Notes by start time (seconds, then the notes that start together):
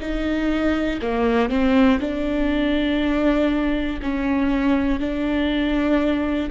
0.00 D#4
1.01 A#3
1.49 C4
2.00 D4
4.02 C#4
5.00 D4